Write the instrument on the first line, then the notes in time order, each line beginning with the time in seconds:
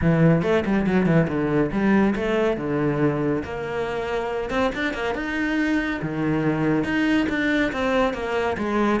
cello
0.01 E3
0.42 A3
0.65 G3
0.86 F#3
1.05 E3
1.28 D3
1.71 G3
2.15 A3
2.57 D3
3.44 A#3
4.49 C4
4.74 D4
4.93 A#3
5.14 D#4
6.02 D#3
6.84 D#4
7.29 D4
7.72 C4
8.13 A#3
8.57 G#3